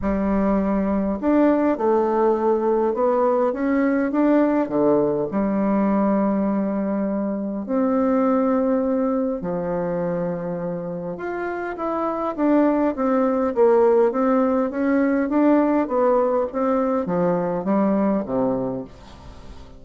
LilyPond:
\new Staff \with { instrumentName = "bassoon" } { \time 4/4 \tempo 4 = 102 g2 d'4 a4~ | a4 b4 cis'4 d'4 | d4 g2.~ | g4 c'2. |
f2. f'4 | e'4 d'4 c'4 ais4 | c'4 cis'4 d'4 b4 | c'4 f4 g4 c4 | }